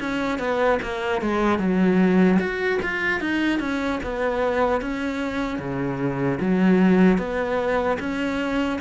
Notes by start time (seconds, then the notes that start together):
0.00 C#4
0.39 B3
0.83 A#3
1.22 G#3
1.59 F#3
2.39 F#4
2.83 F4
3.20 D#4
3.60 C#4
4.03 B3
4.81 C#4
5.59 C#3
6.40 F#3
7.18 B3
8.00 C#4